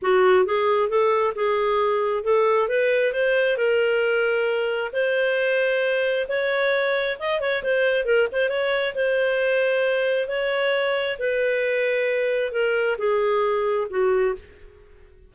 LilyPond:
\new Staff \with { instrumentName = "clarinet" } { \time 4/4 \tempo 4 = 134 fis'4 gis'4 a'4 gis'4~ | gis'4 a'4 b'4 c''4 | ais'2. c''4~ | c''2 cis''2 |
dis''8 cis''8 c''4 ais'8 c''8 cis''4 | c''2. cis''4~ | cis''4 b'2. | ais'4 gis'2 fis'4 | }